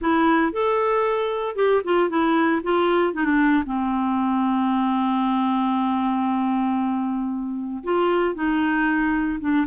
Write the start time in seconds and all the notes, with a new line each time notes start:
0.01 E4
0.52 A4
1.55 G4
1.84 F4
2.09 E4
2.63 F4
3.13 D#4
3.24 D4
3.65 C4
7.83 F4
8.35 D#4
9.40 D4